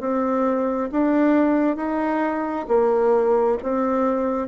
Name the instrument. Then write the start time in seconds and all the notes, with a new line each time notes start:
bassoon
0.00 C4
0.92 D4
1.77 D#4
2.68 A#3
3.63 C4